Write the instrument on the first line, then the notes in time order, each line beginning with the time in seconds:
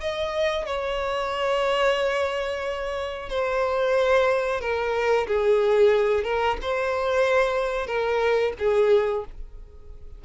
violin
0.00 D#5
0.66 C#5
3.28 C5
4.60 A#4
5.27 G#4
6.24 A#4
6.61 C5
7.87 A#4
8.58 G#4